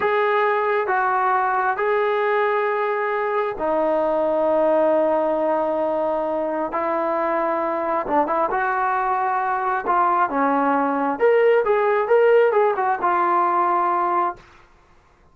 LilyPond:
\new Staff \with { instrumentName = "trombone" } { \time 4/4 \tempo 4 = 134 gis'2 fis'2 | gis'1 | dis'1~ | dis'2. e'4~ |
e'2 d'8 e'8 fis'4~ | fis'2 f'4 cis'4~ | cis'4 ais'4 gis'4 ais'4 | gis'8 fis'8 f'2. | }